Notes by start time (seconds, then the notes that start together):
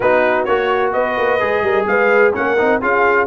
0.00 B3 D#4 F#4 B4
0.44 A#3 F#4 C#5
0.92 B3 B4 D#5
1.17 A#3
1.39 G#3 G#4
1.62 G3 A#4
1.87 G#3 B4 F5
2.33 A#3 C#4 A#4 F#5
2.58 C4 D#4
2.81 C#4 F4 G#4 F5